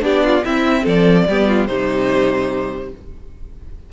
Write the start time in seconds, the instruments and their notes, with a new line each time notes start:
0.00 cello B3, viola D4, violin G4 D5
0.24 violin F4
0.44 viola C4, cello C4, violin E4 E5
0.83 cello F3, violin A4 D5
1.28 cello G3, viola B3, violin G4
1.48 violin F4
1.66 cello C3, viola G3, violin D#4 C5